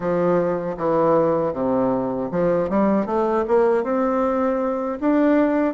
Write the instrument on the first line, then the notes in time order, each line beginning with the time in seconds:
bassoon
0.00 F3
0.77 E3
1.53 C3
2.31 F3
2.69 G3
3.06 A3
3.47 A#3
3.83 C4
5.00 D4